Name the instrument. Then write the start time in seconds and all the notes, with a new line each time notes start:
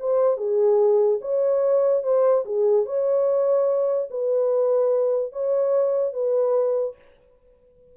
horn
0.00 C5
0.38 G#4
1.22 C#5
2.04 C5
2.46 G#4
2.86 C#5
4.11 B4
5.33 C#5
6.14 B4